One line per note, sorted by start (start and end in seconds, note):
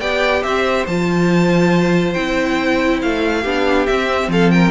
0.00 0.44 B3
0.00 0.87 G4
0.00 0.43 D5
0.00 0.43 G5
0.43 0.87 C4
0.43 3.41 C5
0.43 0.86 E5
0.87 2.16 F3
0.87 2.17 F4
0.87 2.14 A5
2.14 3.03 C4
2.14 3.45 E4
2.14 3.00 G5
3.02 3.45 A3
3.02 3.87 F5
3.41 3.88 B3
3.41 3.88 D4
3.41 4.27 G4
3.87 4.71 C4
3.87 4.28 C4
3.87 4.30 E5
4.28 4.71 F3
4.28 4.53 A4
4.28 4.51 F5
4.51 4.71 A#4
4.51 4.71 G5